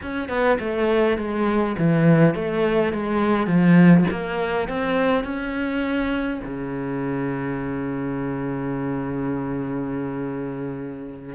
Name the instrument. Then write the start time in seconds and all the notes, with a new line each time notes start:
cello
0.02 C#4
0.28 B3
0.59 A3
1.17 G#3
1.78 E3
2.34 A3
2.93 G#3
3.46 F3
4.11 A#3
4.68 C4
5.23 C#4
6.44 C#3